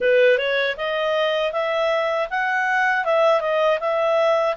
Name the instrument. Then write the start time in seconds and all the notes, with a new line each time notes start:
clarinet
0.00 B4
0.38 C#5
0.77 D#5
1.52 E5
2.30 F#5
3.04 E5
3.40 D#5
3.80 E5